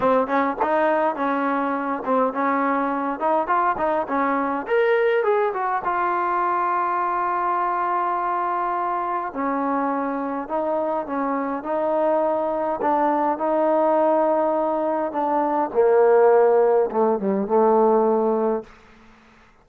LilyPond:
\new Staff \with { instrumentName = "trombone" } { \time 4/4 \tempo 4 = 103 c'8 cis'8 dis'4 cis'4. c'8 | cis'4. dis'8 f'8 dis'8 cis'4 | ais'4 gis'8 fis'8 f'2~ | f'1 |
cis'2 dis'4 cis'4 | dis'2 d'4 dis'4~ | dis'2 d'4 ais4~ | ais4 a8 g8 a2 | }